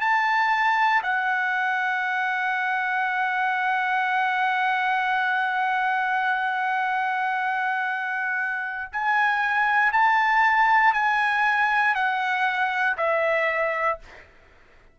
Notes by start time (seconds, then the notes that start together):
0.00 A5
1.03 F#5
8.92 G#5
9.92 A5
10.93 G#5
11.94 F#5
12.97 E5